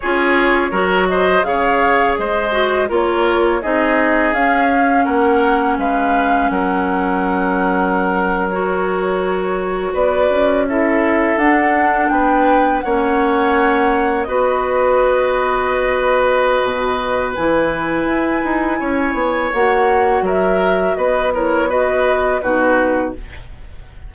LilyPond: <<
  \new Staff \with { instrumentName = "flute" } { \time 4/4 \tempo 4 = 83 cis''4. dis''8 f''4 dis''4 | cis''4 dis''4 f''4 fis''4 | f''4 fis''2~ fis''8. cis''16~ | cis''4.~ cis''16 d''4 e''4 fis''16~ |
fis''8. g''4 fis''2 dis''16~ | dis''1 | gis''2. fis''4 | e''4 dis''8 cis''8 dis''4 b'4 | }
  \new Staff \with { instrumentName = "oboe" } { \time 4/4 gis'4 ais'8 c''8 cis''4 c''4 | ais'4 gis'2 ais'4 | b'4 ais'2.~ | ais'4.~ ais'16 b'4 a'4~ a'16~ |
a'8. b'4 cis''2 b'16~ | b'1~ | b'2 cis''2 | ais'4 b'8 ais'8 b'4 fis'4 | }
  \new Staff \with { instrumentName = "clarinet" } { \time 4/4 f'4 fis'4 gis'4. fis'8 | f'4 dis'4 cis'2~ | cis'2.~ cis'8. fis'16~ | fis'2~ fis'8. e'4 d'16~ |
d'4.~ d'16 cis'2 fis'16~ | fis'1 | e'2. fis'4~ | fis'4. e'8 fis'4 dis'4 | }
  \new Staff \with { instrumentName = "bassoon" } { \time 4/4 cis'4 fis4 cis4 gis4 | ais4 c'4 cis'4 ais4 | gis4 fis2.~ | fis4.~ fis16 b8 cis'4. d'16~ |
d'8. b4 ais2 b16~ | b2. b,4 | e4 e'8 dis'8 cis'8 b8 ais4 | fis4 b2 b,4 | }
>>